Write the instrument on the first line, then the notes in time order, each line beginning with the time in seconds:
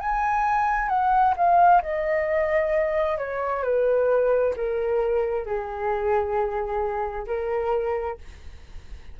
flute
0.00 G#5
0.89 F#5
1.37 F5
1.82 D#5
3.18 C#5
3.63 B4
4.56 A#4
5.46 G#4
7.27 A#4